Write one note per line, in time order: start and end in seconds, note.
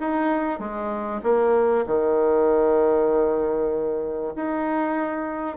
0.00 0.59 D#4
0.59 1.21 G#3
1.23 1.85 A#3
1.86 4.34 D#3
4.36 5.56 D#4